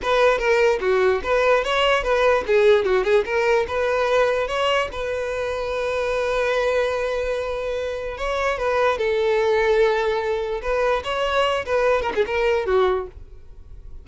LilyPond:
\new Staff \with { instrumentName = "violin" } { \time 4/4 \tempo 4 = 147 b'4 ais'4 fis'4 b'4 | cis''4 b'4 gis'4 fis'8 gis'8 | ais'4 b'2 cis''4 | b'1~ |
b'1 | cis''4 b'4 a'2~ | a'2 b'4 cis''4~ | cis''8 b'4 ais'16 gis'16 ais'4 fis'4 | }